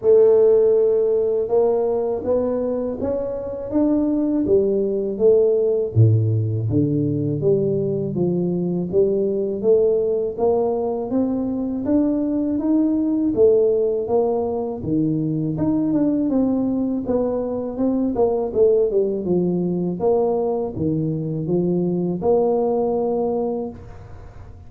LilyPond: \new Staff \with { instrumentName = "tuba" } { \time 4/4 \tempo 4 = 81 a2 ais4 b4 | cis'4 d'4 g4 a4 | a,4 d4 g4 f4 | g4 a4 ais4 c'4 |
d'4 dis'4 a4 ais4 | dis4 dis'8 d'8 c'4 b4 | c'8 ais8 a8 g8 f4 ais4 | dis4 f4 ais2 | }